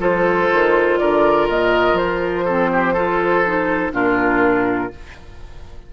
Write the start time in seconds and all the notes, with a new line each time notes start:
0.00 F3 F4 A4 C5
0.53 D#3
0.98 D3 A#4 D5
1.49 A#2 D#5
1.94 F3 C5
2.45 C4 A4
2.73 G4
2.94 F4 A4
3.46 D#4
3.92 A#2 D4 F4 A#4